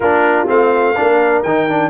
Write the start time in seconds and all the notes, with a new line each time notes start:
0.00 A#3 D4 F4 A#4
0.46 A3 C4 F5
0.96 A#3 D4 A#4
1.42 D#3 D#4 G5
1.69 D4